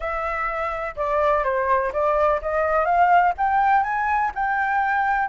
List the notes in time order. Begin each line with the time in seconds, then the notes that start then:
0.00 E5
0.96 D5
1.44 C5
1.92 D5
2.41 D#5
2.85 F5
3.37 G5
3.83 G#5
4.34 G5